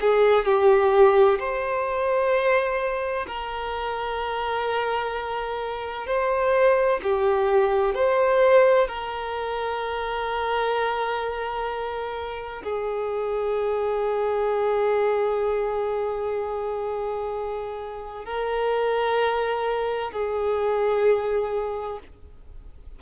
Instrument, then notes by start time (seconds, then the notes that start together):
violin
0.00 G#4
0.45 G4
1.38 C5
3.26 A#4
6.06 C5
7.03 G4
7.94 C5
8.87 A#4
12.63 G#4
18.25 A#4
20.11 G#4